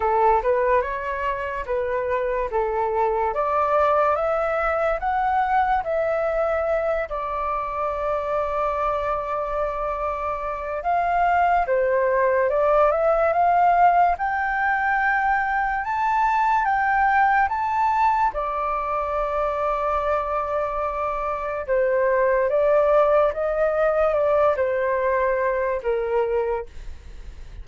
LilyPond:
\new Staff \with { instrumentName = "flute" } { \time 4/4 \tempo 4 = 72 a'8 b'8 cis''4 b'4 a'4 | d''4 e''4 fis''4 e''4~ | e''8 d''2.~ d''8~ | d''4 f''4 c''4 d''8 e''8 |
f''4 g''2 a''4 | g''4 a''4 d''2~ | d''2 c''4 d''4 | dis''4 d''8 c''4. ais'4 | }